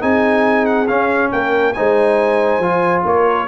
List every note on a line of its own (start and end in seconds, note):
0.00 0.88 C4
0.00 0.86 D#4
0.00 1.30 G#4
0.00 0.65 G#5
0.65 0.87 F#5
0.87 1.75 C#4
0.87 1.32 C#4
0.87 1.30 F5
1.31 1.75 A#3
1.31 1.75 A#4
1.31 1.73 G5
1.73 2.59 G#3
1.73 2.62 D#4
1.73 3.05 C5
1.73 3.02 G#5
2.59 3.02 F3
2.59 3.48 F4
3.04 3.48 A#3
3.04 3.48 A#4
3.04 3.48 C#5